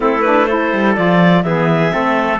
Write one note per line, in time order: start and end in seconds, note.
0.00 0.72 A3
0.00 0.20 C4
0.00 0.48 E4
0.00 0.22 A4
0.22 0.48 D4
0.22 0.45 B4
0.45 0.96 E4
0.45 1.44 A4
0.45 0.93 C5
0.72 0.96 G3
0.95 1.44 F3
0.95 1.44 F4
0.95 1.43 D5
1.43 1.92 E3
1.43 1.91 B3
1.43 1.93 G#4
1.43 2.39 E5
1.91 2.40 A3
1.91 2.39 C4
1.91 2.40 A4